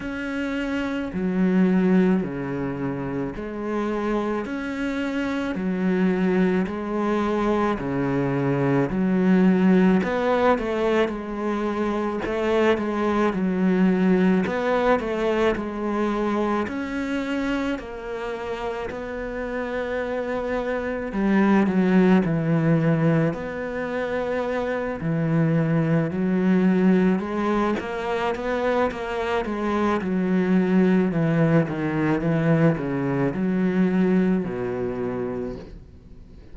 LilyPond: \new Staff \with { instrumentName = "cello" } { \time 4/4 \tempo 4 = 54 cis'4 fis4 cis4 gis4 | cis'4 fis4 gis4 cis4 | fis4 b8 a8 gis4 a8 gis8 | fis4 b8 a8 gis4 cis'4 |
ais4 b2 g8 fis8 | e4 b4. e4 fis8~ | fis8 gis8 ais8 b8 ais8 gis8 fis4 | e8 dis8 e8 cis8 fis4 b,4 | }